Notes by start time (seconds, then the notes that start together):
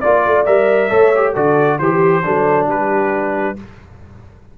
0.00 A#3 F4 D5
0.26 A3
0.45 G3 A#4 E5
0.89 A3 A4 C#5
1.15 G4
1.33 D3 F#4 A4 D5
1.79 E3 G4 C5
2.24 F#3 D4 A4
2.67 G3 G4 B4